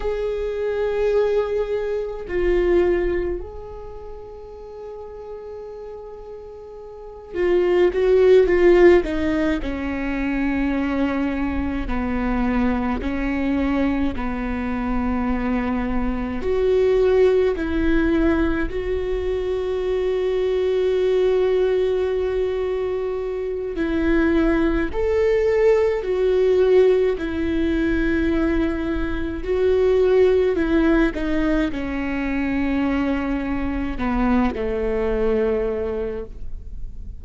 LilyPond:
\new Staff \with { instrumentName = "viola" } { \time 4/4 \tempo 4 = 53 gis'2 f'4 gis'4~ | gis'2~ gis'8 f'8 fis'8 f'8 | dis'8 cis'2 b4 cis'8~ | cis'8 b2 fis'4 e'8~ |
e'8 fis'2.~ fis'8~ | fis'4 e'4 a'4 fis'4 | e'2 fis'4 e'8 dis'8 | cis'2 b8 a4. | }